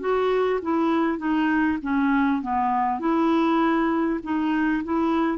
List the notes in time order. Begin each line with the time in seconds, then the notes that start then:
0.00 F#4
0.62 E4
1.18 D#4
1.82 C#4
2.42 B3
2.99 E4
4.23 D#4
4.84 E4